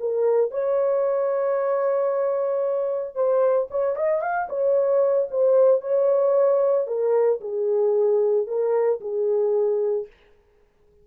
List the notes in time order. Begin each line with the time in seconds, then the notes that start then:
0.00 A#4
0.51 C#5
3.15 C5
3.71 C#5
3.96 D#5
4.22 F5
4.49 C#5
5.31 C5
5.81 C#5
6.87 A#4
7.41 G#4
8.47 A#4
9.01 G#4